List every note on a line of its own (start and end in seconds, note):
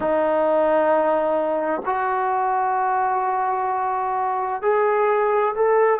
0.00 1.81 D#4
1.85 4.62 F#4
4.62 5.54 G#4
5.55 5.99 A4